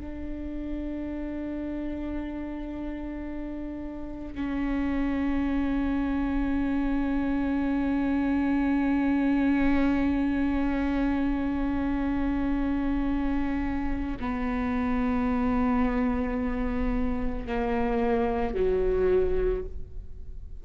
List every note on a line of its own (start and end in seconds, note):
0.00 4.35 D4
4.35 14.17 C#4
14.20 17.47 B3
17.47 18.55 A#3
18.55 19.64 F#3